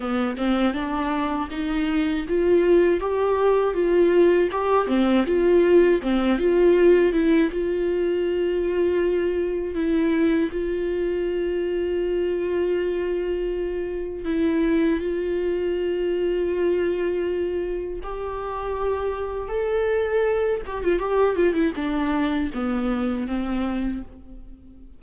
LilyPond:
\new Staff \with { instrumentName = "viola" } { \time 4/4 \tempo 4 = 80 b8 c'8 d'4 dis'4 f'4 | g'4 f'4 g'8 c'8 f'4 | c'8 f'4 e'8 f'2~ | f'4 e'4 f'2~ |
f'2. e'4 | f'1 | g'2 a'4. g'16 f'16 | g'8 f'16 e'16 d'4 b4 c'4 | }